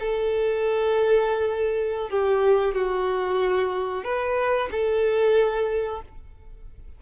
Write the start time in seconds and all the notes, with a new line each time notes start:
0.00 A4
2.10 G4
2.75 F#4
4.04 B4
4.71 A4